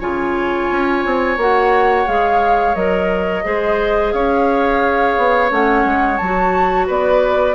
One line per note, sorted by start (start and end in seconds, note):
0.00 0.70 C#3
0.00 1.38 F4
0.00 3.45 C#5
0.00 1.39 G#5
0.70 1.05 C#4
1.06 1.37 C4
1.37 2.06 A#3
1.37 2.06 F#4
1.37 2.08 F#5
2.06 2.75 G#3
2.06 2.75 G#4
2.06 2.75 F5
2.75 3.44 F#3
2.75 3.44 A#4
2.75 4.13 D#5
3.44 4.13 G#3
3.44 5.50 G#4
3.44 4.14 C5
4.13 5.17 C#4
4.13 6.87 C#5
4.13 5.51 F5
5.18 5.51 B3
5.50 5.85 A3
5.50 6.19 C#4
5.50 6.17 F#5
5.85 6.19 G#3
6.17 6.89 F#3
6.17 6.86 A5
6.24 7.55 F#4
6.87 7.55 B3
6.87 7.55 B4
6.87 7.55 D5